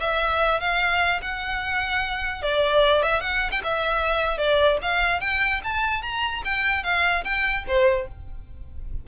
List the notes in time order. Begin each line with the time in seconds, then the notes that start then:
0.00 E5
0.60 F5
1.22 F#5
2.42 D5
3.02 E5
3.20 F#5
3.51 G5
3.64 E5
4.37 D5
4.82 F5
5.21 G5
5.64 A5
6.02 A#5
6.44 G5
6.83 F5
7.24 G5
7.67 C5